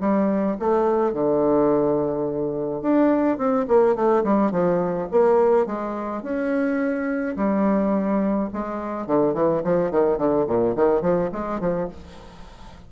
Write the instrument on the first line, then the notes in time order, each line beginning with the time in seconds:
bassoon
0.00 G3
0.59 A3
1.13 D3
2.82 D4
3.37 C4
3.68 A#3
3.95 A3
4.23 G3
4.51 F3
5.11 A#3
5.66 G#3
6.22 C#4
7.36 G3
8.53 G#3
9.06 D3
9.34 E3
9.63 F3
9.91 D#3
10.17 D3
10.47 A#2
10.75 D#3
11.01 F3
11.32 G#3
11.60 F3